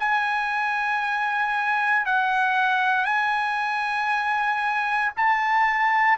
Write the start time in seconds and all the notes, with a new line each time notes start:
0.00 G#5
2.06 F#5
3.06 G#5
5.17 A5